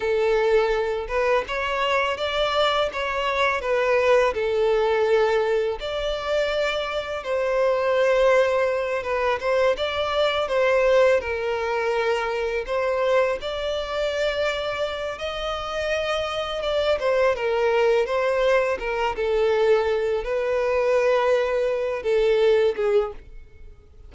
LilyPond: \new Staff \with { instrumentName = "violin" } { \time 4/4 \tempo 4 = 83 a'4. b'8 cis''4 d''4 | cis''4 b'4 a'2 | d''2 c''2~ | c''8 b'8 c''8 d''4 c''4 ais'8~ |
ais'4. c''4 d''4.~ | d''4 dis''2 d''8 c''8 | ais'4 c''4 ais'8 a'4. | b'2~ b'8 a'4 gis'8 | }